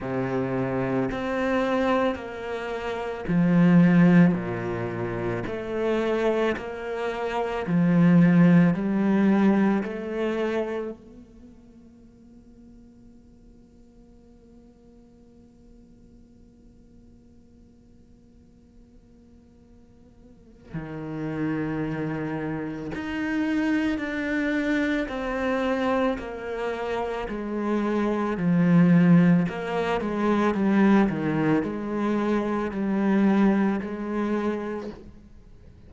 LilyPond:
\new Staff \with { instrumentName = "cello" } { \time 4/4 \tempo 4 = 55 c4 c'4 ais4 f4 | ais,4 a4 ais4 f4 | g4 a4 ais2~ | ais1~ |
ais2. dis4~ | dis4 dis'4 d'4 c'4 | ais4 gis4 f4 ais8 gis8 | g8 dis8 gis4 g4 gis4 | }